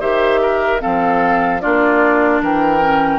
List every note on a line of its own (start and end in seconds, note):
0.00 0.81 D#3
0.00 0.80 G4
0.00 0.40 C5
0.00 0.81 E5
0.42 0.82 A#4
0.80 1.64 F3
0.80 1.60 C4
0.80 1.62 A4
0.80 1.61 F5
1.61 2.41 A#3
1.61 2.81 D4
1.61 2.42 F4
1.61 2.41 D5
2.41 3.19 E3
2.41 3.19 A#4
2.41 3.19 G5
2.81 3.19 C#4